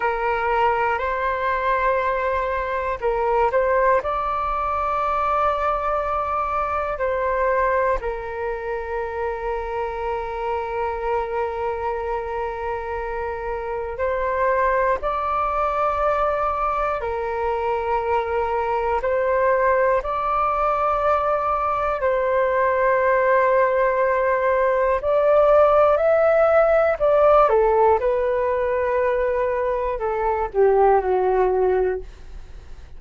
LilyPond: \new Staff \with { instrumentName = "flute" } { \time 4/4 \tempo 4 = 60 ais'4 c''2 ais'8 c''8 | d''2. c''4 | ais'1~ | ais'2 c''4 d''4~ |
d''4 ais'2 c''4 | d''2 c''2~ | c''4 d''4 e''4 d''8 a'8 | b'2 a'8 g'8 fis'4 | }